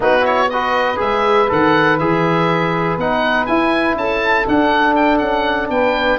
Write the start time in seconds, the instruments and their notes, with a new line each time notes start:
0.00 tuba B3, trombone D#4, saxophone F#4, oboe B4
0.21 trombone E4, oboe C#5
0.49 trombone F#4, saxophone B4, oboe D#5
0.96 tuba G#3, trombone G#4, oboe E5
1.48 tuba D#3, trombone A4, oboe F#5
1.98 tuba E3, trombone G#4, oboe E5
2.97 tuba B3, trombone D#4, oboe F#5
3.45 tuba E4, trombone E4, oboe G#5
3.96 tuba C#4, saxophone A4, oboe A5
4.46 trombone D4, tuba D4, oboe F#5
4.95 oboe G5
5.18 tuba C#4, oboe F#5
5.69 tuba B3, saxophone B4, oboe G5